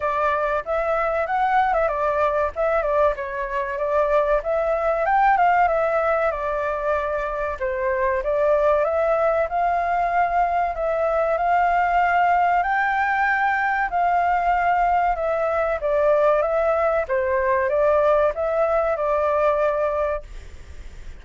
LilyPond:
\new Staff \with { instrumentName = "flute" } { \time 4/4 \tempo 4 = 95 d''4 e''4 fis''8. e''16 d''4 | e''8 d''8 cis''4 d''4 e''4 | g''8 f''8 e''4 d''2 | c''4 d''4 e''4 f''4~ |
f''4 e''4 f''2 | g''2 f''2 | e''4 d''4 e''4 c''4 | d''4 e''4 d''2 | }